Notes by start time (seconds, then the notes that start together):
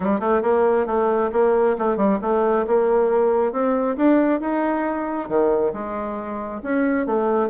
0.00 G3
0.20 A3
0.42 A#3
0.86 A3
1.32 A#3
1.78 A3
1.96 G3
2.21 A3
2.67 A#3
3.52 C4
3.96 D4
4.40 D#4
5.28 D#3
5.73 G#3
6.62 C#4
7.06 A3